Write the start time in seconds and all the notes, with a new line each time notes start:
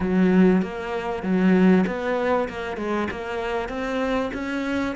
0.00 F#3
0.62 A#3
1.22 F#3
1.86 B3
2.49 A#3
2.77 G#3
3.11 A#3
3.69 C4
4.33 C#4